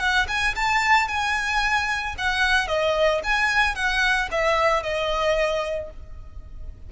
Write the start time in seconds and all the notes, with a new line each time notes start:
0.00 F#5
0.28 G#5
0.56 A5
1.08 G#5
2.18 F#5
2.68 D#5
3.24 G#5
3.76 F#5
4.31 E5
4.83 D#5